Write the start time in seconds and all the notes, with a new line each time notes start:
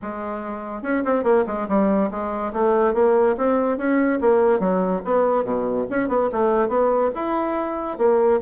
0.02 G#3
0.82 C#4
1.04 C4
1.23 A#3
1.46 G#3
1.68 G3
2.10 G#3
2.53 A3
2.94 A#3
3.37 C4
3.77 C#4
4.21 A#3
4.59 F#3
5.04 B3
5.44 B2
5.90 C#4
6.08 B3
6.32 A3
6.68 B3
7.14 E4
7.98 A#3